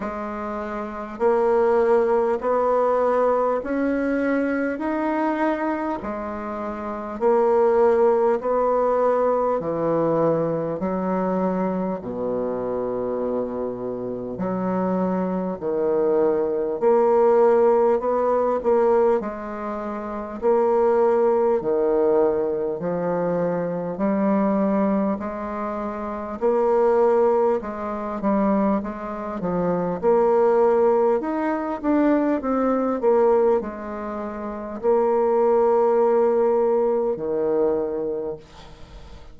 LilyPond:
\new Staff \with { instrumentName = "bassoon" } { \time 4/4 \tempo 4 = 50 gis4 ais4 b4 cis'4 | dis'4 gis4 ais4 b4 | e4 fis4 b,2 | fis4 dis4 ais4 b8 ais8 |
gis4 ais4 dis4 f4 | g4 gis4 ais4 gis8 g8 | gis8 f8 ais4 dis'8 d'8 c'8 ais8 | gis4 ais2 dis4 | }